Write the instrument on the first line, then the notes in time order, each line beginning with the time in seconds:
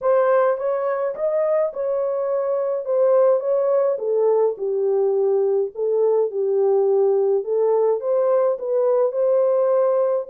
horn
0.01 C5
0.57 C#5
1.15 D#5
1.73 C#5
2.85 C5
3.40 C#5
3.98 A4
4.57 G4
5.75 A4
6.30 G4
7.43 A4
8.00 C5
8.58 B4
9.11 C5